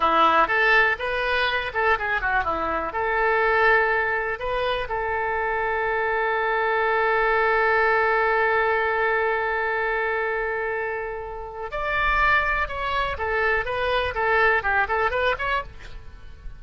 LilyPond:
\new Staff \with { instrumentName = "oboe" } { \time 4/4 \tempo 4 = 123 e'4 a'4 b'4. a'8 | gis'8 fis'8 e'4 a'2~ | a'4 b'4 a'2~ | a'1~ |
a'1~ | a'1 | d''2 cis''4 a'4 | b'4 a'4 g'8 a'8 b'8 cis''8 | }